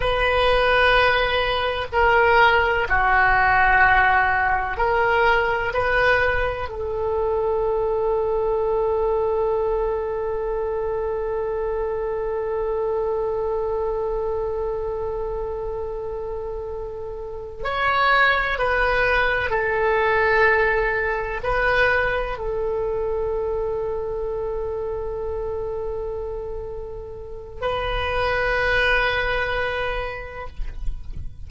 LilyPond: \new Staff \with { instrumentName = "oboe" } { \time 4/4 \tempo 4 = 63 b'2 ais'4 fis'4~ | fis'4 ais'4 b'4 a'4~ | a'1~ | a'1~ |
a'2~ a'8 cis''4 b'8~ | b'8 a'2 b'4 a'8~ | a'1~ | a'4 b'2. | }